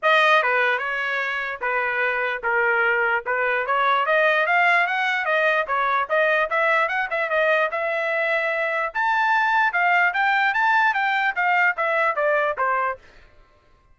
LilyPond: \new Staff \with { instrumentName = "trumpet" } { \time 4/4 \tempo 4 = 148 dis''4 b'4 cis''2 | b'2 ais'2 | b'4 cis''4 dis''4 f''4 | fis''4 dis''4 cis''4 dis''4 |
e''4 fis''8 e''8 dis''4 e''4~ | e''2 a''2 | f''4 g''4 a''4 g''4 | f''4 e''4 d''4 c''4 | }